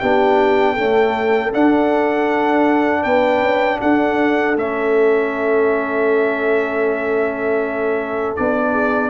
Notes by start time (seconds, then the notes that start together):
0.00 B3 D4 G4 G5
0.74 A3 C#4 A4
1.53 D4 F#5
3.03 B3 B4 G5
3.42 C#4
3.81 D4 A4 F#5
4.56 A3 C#4 E5
8.36 B3 D4 D5
8.72 G#4